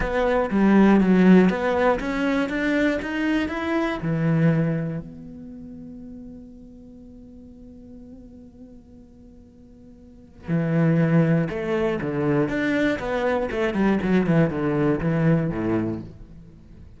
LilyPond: \new Staff \with { instrumentName = "cello" } { \time 4/4 \tempo 4 = 120 b4 g4 fis4 b4 | cis'4 d'4 dis'4 e'4 | e2 b2~ | b1~ |
b1~ | b4 e2 a4 | d4 d'4 b4 a8 g8 | fis8 e8 d4 e4 a,4 | }